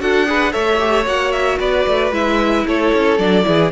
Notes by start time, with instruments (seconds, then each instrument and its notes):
0.00 cello D4, viola F#4, violin A4 F#5
0.27 viola G#4, violin B4
0.52 cello A3, viola A4, violin C#5 E5
0.80 viola G4
1.07 cello A#3, viola F#4, violin F#5
1.32 violin E5
1.60 cello B3, violin B4 D5
1.87 cello A3
2.12 cello G#3, viola E4, violin E5
2.66 cello A3, violin A4 C#5
2.94 cello C#4
3.19 cello F#3, viola D4, violin D5
3.44 cello E3, viola E4, violin G#4